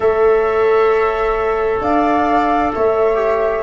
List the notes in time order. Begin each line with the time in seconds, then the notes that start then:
0.00 A3 A4 C#5 E5
1.80 D4 D5 F5
2.73 A3 C#5 E5
3.14 G4